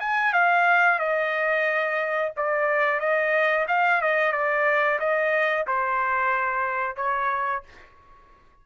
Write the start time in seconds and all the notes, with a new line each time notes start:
0.00 G#5
0.33 F5
0.99 D#5
2.37 D5
3.00 D#5
3.68 F5
4.02 D#5
4.32 D5
4.99 D#5
5.67 C5
6.97 C#5